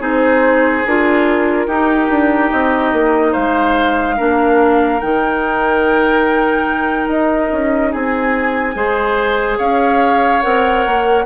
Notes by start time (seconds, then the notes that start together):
0.00 C4 D#4 G#4 C5
0.86 D4 F4 A#4
1.67 D#4 G4
2.09 D4
2.51 C4 D#5
2.93 A#3
3.32 G#3 C5 F5
4.17 A#3 D4 A#4
5.01 D#3 D#4 G5
7.08 D#4 D#5
7.52 C#4
7.92 C4 G#4 G#5
8.76 G#3 G#4 C5
9.58 C#4 C#5 F5
10.43 C4 A#4 F#5
10.87 A#3